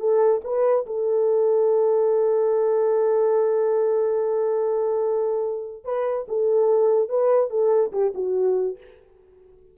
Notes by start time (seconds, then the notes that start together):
0.00 A4
0.45 B4
0.87 A4
5.85 B4
6.29 A4
7.09 B4
7.51 A4
7.93 G4
8.15 F#4